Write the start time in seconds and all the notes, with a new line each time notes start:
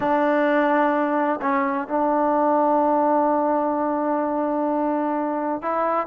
0.00 D4
1.41 C#4
1.87 D4
5.61 E4